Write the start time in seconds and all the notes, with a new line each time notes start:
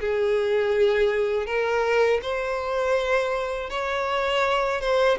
0.00 G#4
1.46 A#4
2.22 C5
3.70 C#5
4.81 C5